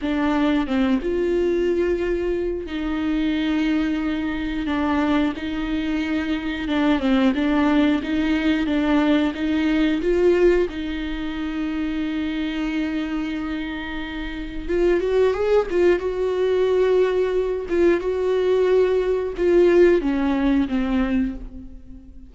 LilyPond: \new Staff \with { instrumentName = "viola" } { \time 4/4 \tempo 4 = 90 d'4 c'8 f'2~ f'8 | dis'2. d'4 | dis'2 d'8 c'8 d'4 | dis'4 d'4 dis'4 f'4 |
dis'1~ | dis'2 f'8 fis'8 gis'8 f'8 | fis'2~ fis'8 f'8 fis'4~ | fis'4 f'4 cis'4 c'4 | }